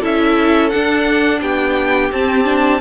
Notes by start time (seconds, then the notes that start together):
0.00 C#4 E4 A4 E5
0.69 D4 F#5
1.41 B3 G4 G5
2.12 C4 A5
2.44 D4